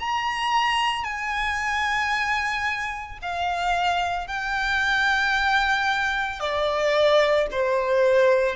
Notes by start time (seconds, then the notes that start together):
0.00 A#5
1.05 G#5
3.22 F5
4.28 G5
6.40 D5
7.52 C5